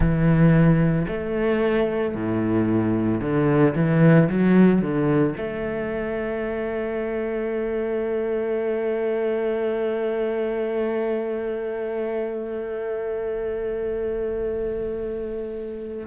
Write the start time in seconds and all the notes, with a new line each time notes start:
0.00 E3
1.07 A3
2.14 A2
3.20 D3
3.75 E3
4.29 F#3
4.81 D3
5.37 A3